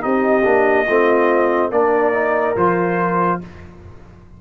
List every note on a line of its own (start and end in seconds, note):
0.00 0.45 C4
0.00 0.42 D#4
0.00 0.86 G4
0.00 1.71 D#5
0.43 0.87 A#3
0.43 0.86 D4
0.86 1.71 A3
0.86 1.72 C4
0.86 1.70 F4
1.70 2.55 A#3
1.70 2.13 D4
1.70 3.39 A#4
1.70 2.56 D5
2.13 2.55 D#4
2.56 3.40 F3
2.56 3.41 F4
2.56 3.41 C5